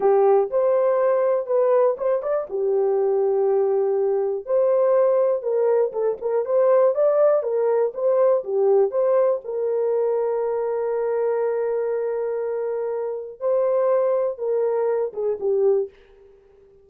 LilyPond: \new Staff \with { instrumentName = "horn" } { \time 4/4 \tempo 4 = 121 g'4 c''2 b'4 | c''8 d''8 g'2.~ | g'4 c''2 ais'4 | a'8 ais'8 c''4 d''4 ais'4 |
c''4 g'4 c''4 ais'4~ | ais'1~ | ais'2. c''4~ | c''4 ais'4. gis'8 g'4 | }